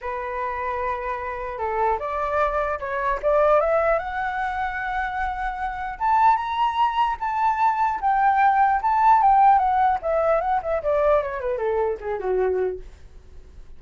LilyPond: \new Staff \with { instrumentName = "flute" } { \time 4/4 \tempo 4 = 150 b'1 | a'4 d''2 cis''4 | d''4 e''4 fis''2~ | fis''2. a''4 |
ais''2 a''2 | g''2 a''4 g''4 | fis''4 e''4 fis''8 e''8 d''4 | cis''8 b'8 a'4 gis'8 fis'4. | }